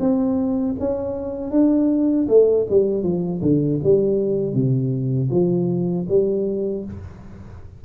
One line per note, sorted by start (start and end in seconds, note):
0.00 0.76 C4
0.80 1.52 C#4
1.52 2.28 D4
2.29 2.67 A3
2.70 3.03 G3
3.03 3.41 F3
3.42 3.80 D3
3.84 4.54 G3
4.54 5.30 C3
5.31 6.07 F3
6.09 6.85 G3